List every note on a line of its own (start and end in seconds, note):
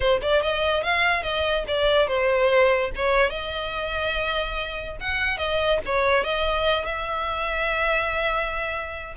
0.00 0.20 C5
0.22 0.42 D5
0.42 0.83 D#5
0.83 1.22 F5
1.22 1.64 D#5
1.67 2.07 D5
2.07 2.91 C5
2.95 3.30 C#5
3.30 4.96 D#5
5.00 5.37 F#5
5.37 5.79 D#5
5.85 6.23 C#5
6.23 6.85 D#5
6.85 9.14 E5